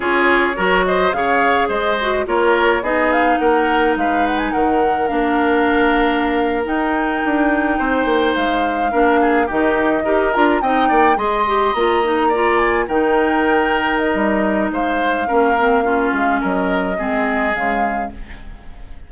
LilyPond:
<<
  \new Staff \with { instrumentName = "flute" } { \time 4/4 \tempo 4 = 106 cis''4. dis''8 f''4 dis''4 | cis''4 dis''8 f''8 fis''4 f''8 fis''16 gis''16 | fis''4 f''2~ f''8. g''16~ | g''2~ g''8. f''4~ f''16~ |
f''8. dis''4. ais''8 g''4 c'''16~ | c'''8. ais''4. gis''8 g''4~ g''16~ | g''8. dis''4~ dis''16 f''2~ | f''4 dis''2 f''4 | }
  \new Staff \with { instrumentName = "oboe" } { \time 4/4 gis'4 ais'8 c''8 cis''4 c''4 | ais'4 gis'4 ais'4 b'4 | ais'1~ | ais'4.~ ais'16 c''2 ais'16~ |
ais'16 gis'8 g'4 ais'4 dis''8 d''8 dis''16~ | dis''4.~ dis''16 d''4 ais'4~ ais'16~ | ais'2 c''4 ais'4 | f'4 ais'4 gis'2 | }
  \new Staff \with { instrumentName = "clarinet" } { \time 4/4 f'4 fis'4 gis'4. fis'8 | f'4 dis'2.~ | dis'4 d'2~ d'8. dis'16~ | dis'2.~ dis'8. d'16~ |
d'8. dis'4 g'8 f'8 dis'4 gis'16~ | gis'16 g'8 f'8 dis'8 f'4 dis'4~ dis'16~ | dis'2. cis'8 c'8 | cis'2 c'4 gis4 | }
  \new Staff \with { instrumentName = "bassoon" } { \time 4/4 cis'4 fis4 cis4 gis4 | ais4 b4 ais4 gis4 | dis4 ais2~ ais8. dis'16~ | dis'8. d'4 c'8 ais8 gis4 ais16~ |
ais8. dis4 dis'8 d'8 c'8 ais8 gis16~ | gis8. ais2 dis4~ dis16~ | dis4 g4 gis4 ais4~ | ais8 gis8 fis4 gis4 cis4 | }
>>